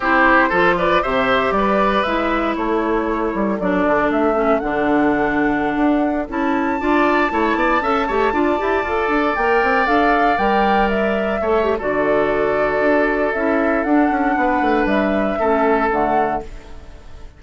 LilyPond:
<<
  \new Staff \with { instrumentName = "flute" } { \time 4/4 \tempo 4 = 117 c''4. d''8 e''4 d''4 | e''4 cis''2 d''4 | e''4 fis''2.~ | fis''16 a''2.~ a''8.~ |
a''2~ a''16 g''4 f''8.~ | f''16 g''4 e''4.~ e''16 d''4~ | d''2 e''4 fis''4~ | fis''4 e''2 fis''4 | }
  \new Staff \with { instrumentName = "oboe" } { \time 4/4 g'4 a'8 b'8 c''4 b'4~ | b'4 a'2.~ | a'1~ | a'4~ a'16 d''4 cis''8 d''8 e''8 cis''16~ |
cis''16 d''2.~ d''8.~ | d''2~ d''16 cis''8. a'4~ | a'1 | b'2 a'2 | }
  \new Staff \with { instrumentName = "clarinet" } { \time 4/4 e'4 f'4 g'2 | e'2. d'4~ | d'8 cis'8 d'2.~ | d'16 e'4 f'4 e'4 a'8 g'16~ |
g'16 f'8 g'8 a'4 ais'4 a'8.~ | a'16 ais'2 a'8 g'16 fis'4~ | fis'2 e'4 d'4~ | d'2 cis'4 a4 | }
  \new Staff \with { instrumentName = "bassoon" } { \time 4/4 c'4 f4 c4 g4 | gis4 a4. g8 fis8 d8 | a4 d2~ d16 d'8.~ | d'16 cis'4 d'4 a8 b8 cis'8 a16~ |
a16 d'8 e'8 f'8 d'8 ais8 c'8 d'8.~ | d'16 g2 a8. d4~ | d4 d'4 cis'4 d'8 cis'8 | b8 a8 g4 a4 d4 | }
>>